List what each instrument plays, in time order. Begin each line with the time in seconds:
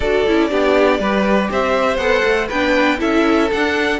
0.00 cello D4, viola F#4, violin A4 D5
0.27 cello C#4, viola E4
0.50 cello B3, viola D4, violin G4
0.99 cello G3, viola G4, violin B4
1.50 cello C4, violin C5 E5
1.97 cello B3, viola A4, violin F#5
2.24 cello A3
2.48 cello B3, viola D4, violin B4 G5
2.98 cello C#4, viola E4, violin A4 E5
3.51 viola D4, cello D4, violin F#5